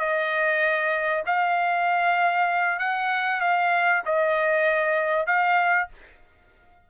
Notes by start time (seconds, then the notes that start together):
0.00 D#5
1.27 F5
2.79 F#5
3.41 F5
4.06 D#5
5.27 F5